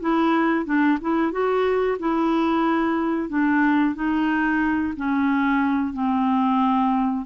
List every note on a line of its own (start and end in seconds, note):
0.00 0.65 E4
0.65 0.98 D4
1.01 1.32 E4
1.32 1.98 F#4
1.99 3.29 E4
3.29 3.94 D4
3.94 4.93 D#4
4.97 5.93 C#4
5.93 7.25 C4